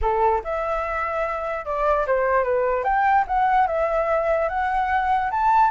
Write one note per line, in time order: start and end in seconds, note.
0.01 0.42 A4
0.44 1.65 E5
1.65 2.06 D5
2.06 2.43 C5
2.43 2.84 B4
2.84 3.24 G5
3.27 3.67 F#5
3.67 4.48 E5
4.48 5.30 F#5
5.31 5.71 A5